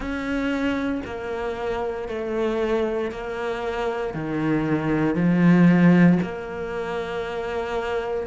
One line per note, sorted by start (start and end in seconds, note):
0.00 1.01 C#4
1.05 2.08 A#3
2.08 3.11 A3
3.11 4.14 A#3
4.14 5.14 D#3
5.14 6.18 F3
6.22 8.27 A#3